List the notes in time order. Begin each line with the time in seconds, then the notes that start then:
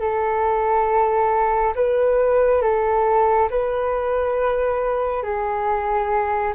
0.00 A4
1.75 B4
2.62 A4
3.50 B4
5.23 G#4